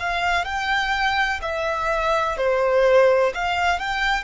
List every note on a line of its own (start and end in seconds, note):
0.00 0.45 F5
0.45 1.41 G5
1.42 2.38 E5
2.38 3.33 C5
3.35 3.80 F5
3.80 4.24 G5